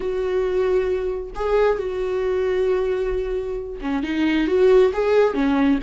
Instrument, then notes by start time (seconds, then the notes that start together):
viola
0.00 F#4
1.35 G#4
1.78 F#4
3.81 C#4
4.03 D#4
4.47 F#4
4.93 G#4
5.33 C#4